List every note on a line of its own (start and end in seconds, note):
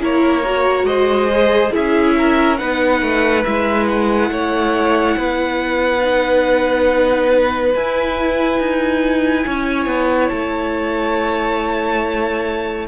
0.00 0.83 A#3
0.00 0.43 E4
0.00 0.87 A#4
0.00 0.86 C#5
0.44 1.30 F#4
0.83 1.69 G#3
0.83 1.72 C5
0.83 1.71 D#5
1.31 1.72 G#4
1.72 2.61 C#4
1.72 2.57 E4
1.72 2.15 G#4
1.72 2.57 E5
2.18 2.59 A#4
2.57 3.02 B3
2.57 3.44 D#4
2.57 4.30 B4
2.57 3.43 F#5
3.02 3.44 A3
3.44 4.30 G#3
3.44 6.01 E4
3.44 3.87 E5
3.87 7.72 F#5
4.30 5.16 A3
4.30 5.17 C#5
5.17 7.74 B3
5.17 9.46 B4
6.01 7.72 D#4
7.75 8.59 E4
7.75 12.88 E4
7.75 10.28 G#5
8.59 9.45 D#4
9.46 9.86 C#4
9.46 12.88 C#5
9.86 10.29 B3
10.28 12.88 A3
10.28 12.85 A5